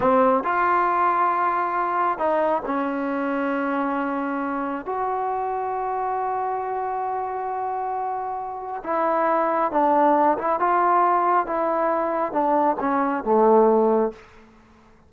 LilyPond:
\new Staff \with { instrumentName = "trombone" } { \time 4/4 \tempo 4 = 136 c'4 f'2.~ | f'4 dis'4 cis'2~ | cis'2. fis'4~ | fis'1~ |
fis'1 | e'2 d'4. e'8 | f'2 e'2 | d'4 cis'4 a2 | }